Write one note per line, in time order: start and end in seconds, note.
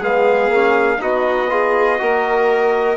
0.00 0.49 G#3
0.00 0.52 B3
0.00 0.98 G#4
0.00 1.02 F5
0.49 0.98 A#3
0.49 0.98 C#4
0.98 2.01 B3
0.98 1.48 D#4
0.98 1.51 F#4
0.98 2.98 D#5
1.50 1.99 F4
1.50 2.01 G#4
1.99 2.98 A#3
1.99 2.98 F#4
1.99 2.98 A#4